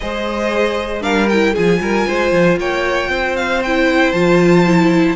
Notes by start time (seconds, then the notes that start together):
0.00 G#3 G#4 C5 D#5
1.01 G3 D4 A#4 F5
1.28 E4 G5
1.53 F3 F4 G#4 G#5
1.79 G3 A#4
2.07 G#3 C5
2.31 F3
2.58 A#3 C#5 G5
3.09 C4 C5
3.36 F5
3.62 E4 G5
4.12 F3 F4 A5
4.65 E4